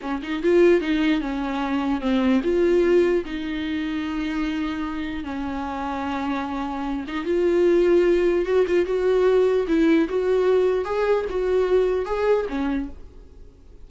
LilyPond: \new Staff \with { instrumentName = "viola" } { \time 4/4 \tempo 4 = 149 cis'8 dis'8 f'4 dis'4 cis'4~ | cis'4 c'4 f'2 | dis'1~ | dis'4 cis'2.~ |
cis'4. dis'8 f'2~ | f'4 fis'8 f'8 fis'2 | e'4 fis'2 gis'4 | fis'2 gis'4 cis'4 | }